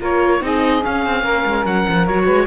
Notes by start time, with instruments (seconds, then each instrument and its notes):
0.00 cello A#3, viola F4, saxophone A#4, oboe C#5
0.41 cello C4, viola D#4, saxophone G#4, oboe D#5
0.82 viola C#4, cello C#4, oboe F5
1.06 cello C4
1.22 cello A#3, saxophone A#4
1.46 cello G#3
1.65 cello F#3, oboe F#5
1.89 cello F3
2.07 cello F#3, viola F#4, oboe C#5
2.24 cello G#3, saxophone B4